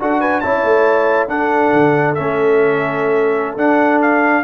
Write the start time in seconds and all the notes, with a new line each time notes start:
0.00 D4 F#4 A4 F#5
0.20 B4 G#5
0.40 C#4 E4 C#5 A5
0.64 A3
1.28 D4 A4 F#5
1.73 D3
2.15 A3 C#4 E5
3.57 D4 F#5
4.02 F5